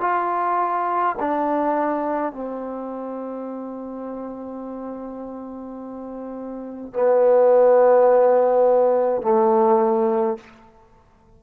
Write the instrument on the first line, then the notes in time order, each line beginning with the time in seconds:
trombone
0.00 F4
1.20 D4
2.33 C4
6.93 B3
9.22 A3